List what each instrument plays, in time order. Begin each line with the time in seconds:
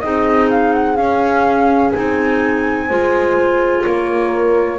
0.00 double bass C4, clarinet D#4, horn G#4, flute D#5
0.50 flute F5
0.73 flute F#5
0.96 clarinet C#4, double bass C#4, flute F5
1.93 double bass C4, clarinet D#4, flute G#5
2.87 double bass G#3, clarinet F4, horn C5
3.83 double bass A#3, horn A#4, flute C#5